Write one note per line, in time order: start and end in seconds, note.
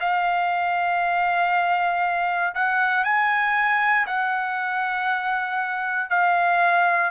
0.00 2.54 F5
2.55 3.04 F#5
3.04 4.06 G#5
4.06 6.09 F#5
6.09 7.11 F5